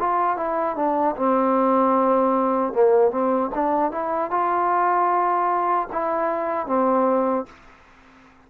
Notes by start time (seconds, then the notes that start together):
0.00 F4
0.37 E4
0.76 D4
1.17 C4
2.73 A#3
3.11 C4
3.55 D4
3.92 E4
4.31 F4
5.93 E4
6.67 C4